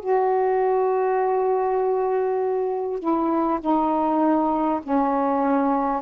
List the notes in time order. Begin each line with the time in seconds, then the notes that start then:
0.00 F#4
2.99 E4
3.61 D#4
4.83 C#4